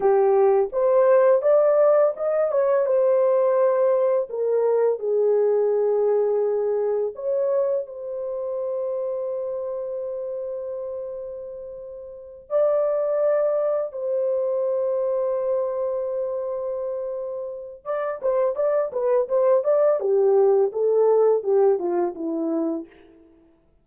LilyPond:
\new Staff \with { instrumentName = "horn" } { \time 4/4 \tempo 4 = 84 g'4 c''4 d''4 dis''8 cis''8 | c''2 ais'4 gis'4~ | gis'2 cis''4 c''4~ | c''1~ |
c''4. d''2 c''8~ | c''1~ | c''4 d''8 c''8 d''8 b'8 c''8 d''8 | g'4 a'4 g'8 f'8 e'4 | }